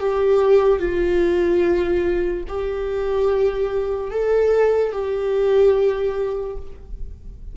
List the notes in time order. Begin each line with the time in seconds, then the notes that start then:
0.00 G4
0.79 F4
2.48 G4
4.11 A4
4.92 G4